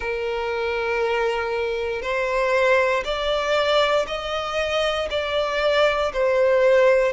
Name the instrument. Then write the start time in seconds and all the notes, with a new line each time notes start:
violin
0.00 A#4
2.02 C5
3.04 D5
4.07 D#5
5.10 D5
6.12 C5